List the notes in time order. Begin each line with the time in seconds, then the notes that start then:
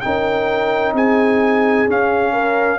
0.00 C#4 D#4 A#4 G5
0.93 C4 G#4 G#5
1.87 C#4 F5
2.32 A#4